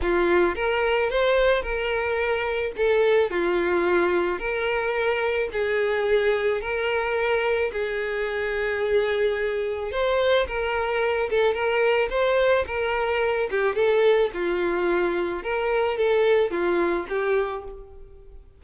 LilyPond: \new Staff \with { instrumentName = "violin" } { \time 4/4 \tempo 4 = 109 f'4 ais'4 c''4 ais'4~ | ais'4 a'4 f'2 | ais'2 gis'2 | ais'2 gis'2~ |
gis'2 c''4 ais'4~ | ais'8 a'8 ais'4 c''4 ais'4~ | ais'8 g'8 a'4 f'2 | ais'4 a'4 f'4 g'4 | }